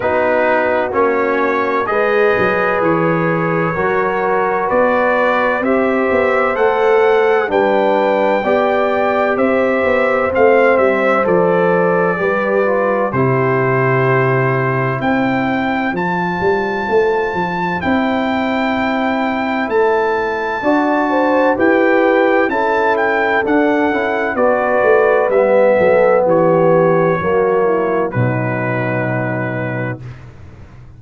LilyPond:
<<
  \new Staff \with { instrumentName = "trumpet" } { \time 4/4 \tempo 4 = 64 b'4 cis''4 dis''4 cis''4~ | cis''4 d''4 e''4 fis''4 | g''2 e''4 f''8 e''8 | d''2 c''2 |
g''4 a''2 g''4~ | g''4 a''2 g''4 | a''8 g''8 fis''4 d''4 e''4 | cis''2 b'2 | }
  \new Staff \with { instrumentName = "horn" } { \time 4/4 fis'2 b'2 | ais'4 b'4 c''2 | b'4 d''4 c''2~ | c''4 b'4 g'2 |
c''1~ | c''2 d''8 c''8 b'4 | a'2 b'4. a'8 | g'4 fis'8 e'8 dis'2 | }
  \new Staff \with { instrumentName = "trombone" } { \time 4/4 dis'4 cis'4 gis'2 | fis'2 g'4 a'4 | d'4 g'2 c'4 | a'4 g'8 f'8 e'2~ |
e'4 f'2 e'4~ | e'2 fis'4 g'4 | e'4 d'8 e'8 fis'4 b4~ | b4 ais4 fis2 | }
  \new Staff \with { instrumentName = "tuba" } { \time 4/4 b4 ais4 gis8 fis8 e4 | fis4 b4 c'8 b8 a4 | g4 b4 c'8 b8 a8 g8 | f4 g4 c2 |
c'4 f8 g8 a8 f8 c'4~ | c'4 a4 d'4 e'4 | cis'4 d'8 cis'8 b8 a8 g8 fis8 | e4 fis4 b,2 | }
>>